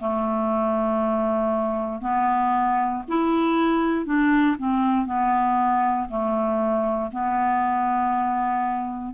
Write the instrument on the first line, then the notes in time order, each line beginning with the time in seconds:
clarinet
0.00 A3
2.02 B3
3.09 E4
4.06 D4
4.59 C4
5.07 B3
6.09 A3
7.12 B3